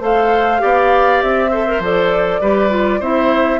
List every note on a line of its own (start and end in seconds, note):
0.00 0.60 A3
0.00 0.58 A4
0.00 0.61 C5
0.00 1.22 F5
0.58 1.23 B3
0.58 1.48 G4
0.58 1.50 D5
1.22 1.79 C4
1.22 1.82 E5
1.50 1.67 A4
1.50 2.40 C5
1.67 1.82 A#4
1.79 2.39 F3
1.79 2.41 A4
1.79 3.02 D5
2.40 3.00 G3
2.40 2.69 G4
2.40 2.99 B4
2.69 3.00 F4
2.99 3.60 C4
2.99 3.60 E4
2.99 3.59 C5
2.99 3.60 E5